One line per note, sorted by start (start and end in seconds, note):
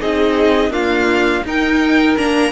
0.00 0.70 C4
0.00 0.71 D#4
0.00 0.73 G#4
0.00 0.72 D#5
0.70 1.43 A#3
0.70 1.42 D4
0.70 1.45 F4
0.70 1.45 F5
1.44 2.17 D#4
1.44 2.18 D#4
1.44 2.52 A#4
1.44 2.17 G5
2.17 2.52 A#3
2.17 2.52 D4
2.17 2.52 A#5